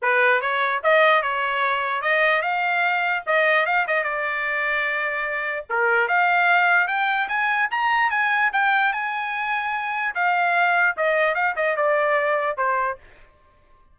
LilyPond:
\new Staff \with { instrumentName = "trumpet" } { \time 4/4 \tempo 4 = 148 b'4 cis''4 dis''4 cis''4~ | cis''4 dis''4 f''2 | dis''4 f''8 dis''8 d''2~ | d''2 ais'4 f''4~ |
f''4 g''4 gis''4 ais''4 | gis''4 g''4 gis''2~ | gis''4 f''2 dis''4 | f''8 dis''8 d''2 c''4 | }